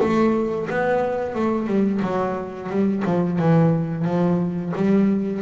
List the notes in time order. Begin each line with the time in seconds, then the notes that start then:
0.00 A3
0.70 B3
1.35 A3
1.67 G3
2.02 F#3
2.69 G3
3.05 F3
3.39 E3
4.04 F3
4.75 G3